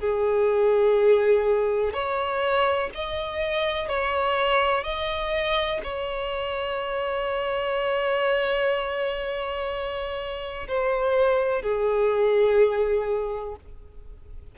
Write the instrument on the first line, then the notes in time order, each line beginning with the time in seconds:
violin
0.00 G#4
1.94 C#5
2.95 D#5
3.89 C#5
4.84 D#5
5.84 C#5
10.68 C5
11.63 G#4